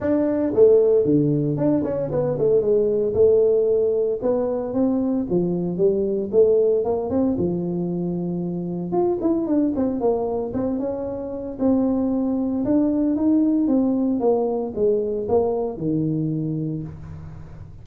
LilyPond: \new Staff \with { instrumentName = "tuba" } { \time 4/4 \tempo 4 = 114 d'4 a4 d4 d'8 cis'8 | b8 a8 gis4 a2 | b4 c'4 f4 g4 | a4 ais8 c'8 f2~ |
f4 f'8 e'8 d'8 c'8 ais4 | c'8 cis'4. c'2 | d'4 dis'4 c'4 ais4 | gis4 ais4 dis2 | }